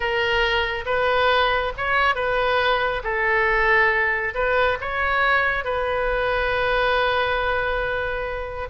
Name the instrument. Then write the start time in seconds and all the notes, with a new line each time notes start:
oboe
0.00 A#4
0.85 B4
1.77 C#5
2.15 B4
3.03 A4
4.34 B4
4.80 C#5
5.64 B4